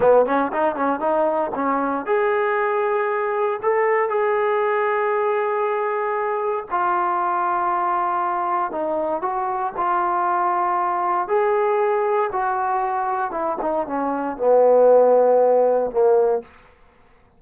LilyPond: \new Staff \with { instrumentName = "trombone" } { \time 4/4 \tempo 4 = 117 b8 cis'8 dis'8 cis'8 dis'4 cis'4 | gis'2. a'4 | gis'1~ | gis'4 f'2.~ |
f'4 dis'4 fis'4 f'4~ | f'2 gis'2 | fis'2 e'8 dis'8 cis'4 | b2. ais4 | }